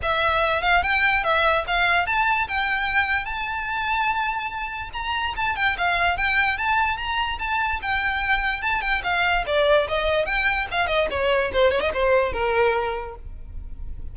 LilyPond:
\new Staff \with { instrumentName = "violin" } { \time 4/4 \tempo 4 = 146 e''4. f''8 g''4 e''4 | f''4 a''4 g''2 | a''1 | ais''4 a''8 g''8 f''4 g''4 |
a''4 ais''4 a''4 g''4~ | g''4 a''8 g''8 f''4 d''4 | dis''4 g''4 f''8 dis''8 cis''4 | c''8 cis''16 dis''16 c''4 ais'2 | }